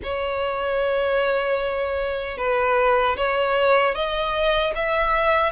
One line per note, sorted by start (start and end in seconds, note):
0.03 2.37 C#5
2.37 3.16 B4
3.17 3.94 C#5
3.94 4.73 D#5
4.75 5.52 E5